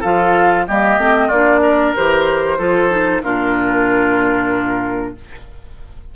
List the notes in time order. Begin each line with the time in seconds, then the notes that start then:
0.00 F3 F4 A4 F5
0.67 G3 A#3 G4 D#5
0.98 A3 C4
1.27 A#3 F4 D5
1.33 D4
1.62 A#4
1.95 E3 G4 C5
2.58 F3 F4 A4
2.90 D#4
3.23 A#2 D4 F4 A#4